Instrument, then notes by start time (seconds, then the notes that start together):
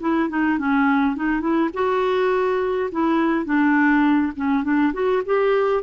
clarinet
0.00 E4
0.29 D#4
0.58 C#4
1.16 D#4
1.40 E4
1.73 F#4
2.91 E4
3.45 D4
4.36 C#4
4.63 D4
4.93 F#4
5.25 G4